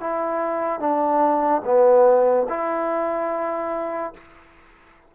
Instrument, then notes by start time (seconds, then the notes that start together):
trombone
0.00 E4
0.80 D4
1.64 B3
2.49 E4